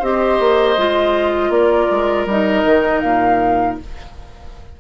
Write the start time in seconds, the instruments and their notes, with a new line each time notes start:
0.00 bassoon C4, clarinet G4, oboe C5, flute D#5
0.40 bassoon A#3
0.78 bassoon G#3, clarinet F4
1.50 bassoon A#3, oboe A#4, flute D5
1.91 bassoon G#3
2.26 bassoon G3, clarinet D#4, flute D#5
2.65 bassoon D#3
3.00 bassoon A#2, flute F5